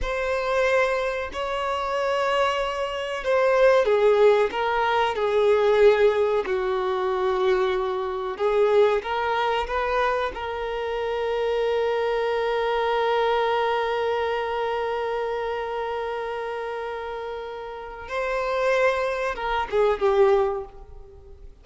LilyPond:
\new Staff \with { instrumentName = "violin" } { \time 4/4 \tempo 4 = 93 c''2 cis''2~ | cis''4 c''4 gis'4 ais'4 | gis'2 fis'2~ | fis'4 gis'4 ais'4 b'4 |
ais'1~ | ais'1~ | ais'1 | c''2 ais'8 gis'8 g'4 | }